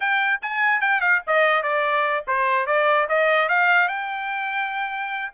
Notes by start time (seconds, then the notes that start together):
0.00 G5
0.42 G#5
0.80 G5
1.00 F5
1.26 D#5
1.63 D5
2.27 C5
2.66 D5
3.08 D#5
3.48 F5
3.88 G5